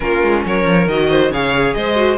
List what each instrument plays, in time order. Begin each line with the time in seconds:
0.00 cello A#3, viola C#4, violin F4 A#4
0.22 cello G#3
0.45 cello F#3, violin A#4 C#5
0.64 cello F3
0.87 cello D#3, viola F#4, violin D#5
1.09 violin C5
1.30 cello C#3, viola G#4, violin C#5 F5
1.74 cello G#3, violin C5 D#5
1.95 viola F#4